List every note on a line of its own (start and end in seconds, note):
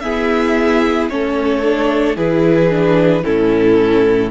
0.00 1.10 B3
0.00 1.10 E4
0.00 1.10 G#4
0.00 1.07 E5
1.09 2.17 A3
1.09 1.63 C#4
1.09 2.17 A4
1.09 2.17 C#5
1.63 2.17 D4
2.17 3.24 E3
2.17 2.70 E4
2.17 3.24 G#4
2.17 3.24 B4
2.70 3.23 D4
3.23 4.31 A2
3.23 4.31 C#4
3.23 4.31 E4
3.23 4.31 A4